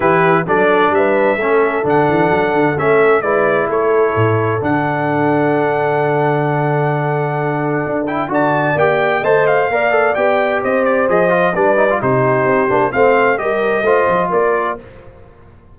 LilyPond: <<
  \new Staff \with { instrumentName = "trumpet" } { \time 4/4 \tempo 4 = 130 b'4 d''4 e''2 | fis''2 e''4 d''4 | cis''2 fis''2~ | fis''1~ |
fis''4. g''8 a''4 g''4 | a''8 f''4. g''4 dis''8 d''8 | dis''4 d''4 c''2 | f''4 dis''2 d''4 | }
  \new Staff \with { instrumentName = "horn" } { \time 4/4 g'4 a'4 b'4 a'4~ | a'2. b'4 | a'1~ | a'1~ |
a'2 d''2 | dis''4 d''2 c''4~ | c''4 b'4 g'2 | c''4 ais'4 c''4 ais'4 | }
  \new Staff \with { instrumentName = "trombone" } { \time 4/4 e'4 d'2 cis'4 | d'2 cis'4 e'4~ | e'2 d'2~ | d'1~ |
d'4. e'8 fis'4 g'4 | c''4 ais'8 a'8 g'2 | gis'8 f'8 d'8 dis'16 f'16 dis'4. d'8 | c'4 g'4 f'2 | }
  \new Staff \with { instrumentName = "tuba" } { \time 4/4 e4 fis4 g4 a4 | d8 e8 fis8 d8 a4 gis4 | a4 a,4 d2~ | d1~ |
d4 d'4 d4 ais4 | a4 ais4 b4 c'4 | f4 g4 c4 c'8 ais8 | a4 g4 a8 f8 ais4 | }
>>